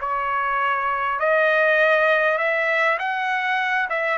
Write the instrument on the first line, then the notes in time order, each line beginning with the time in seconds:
trumpet
0.00 C#5
1.19 D#5
2.38 E5
2.98 F#5
3.89 E5